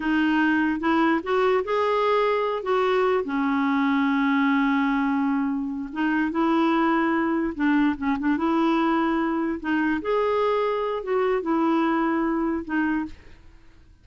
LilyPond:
\new Staff \with { instrumentName = "clarinet" } { \time 4/4 \tempo 4 = 147 dis'2 e'4 fis'4 | gis'2~ gis'8 fis'4. | cis'1~ | cis'2~ cis'8 dis'4 e'8~ |
e'2~ e'8 d'4 cis'8 | d'8 e'2. dis'8~ | dis'8 gis'2~ gis'8 fis'4 | e'2. dis'4 | }